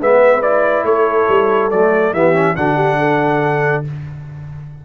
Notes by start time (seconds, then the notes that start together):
0.00 G#3 B3 B4 E5
0.42 E4 D5
0.84 A3 A4 C#5
1.29 G3
1.71 F#3 A3 D5
2.13 E3 B3 G4 E5
2.34 C#4
2.56 D3 D4 F#4 F#5
2.76 G4
2.99 A4